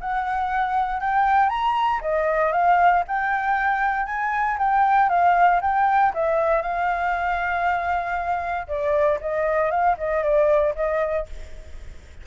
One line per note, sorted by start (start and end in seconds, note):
0.00 1.00 F#5
1.00 1.49 G5
1.49 2.00 A#5
2.01 2.52 D#5
2.52 3.03 F5
3.07 4.06 G5
4.06 4.57 G#5
4.58 5.09 G5
5.09 5.60 F5
5.61 6.12 G5
6.14 6.62 E5
6.62 8.67 F5
8.67 9.19 D5
9.21 9.70 D#5
9.70 9.96 F5
9.97 10.23 D#5
10.23 10.74 D5
10.75 11.26 D#5